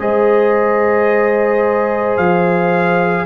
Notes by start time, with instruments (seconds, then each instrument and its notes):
0.00 tuba G#3, trombone G#4, horn C5, trumpet D#5
2.17 tuba F3, trumpet F5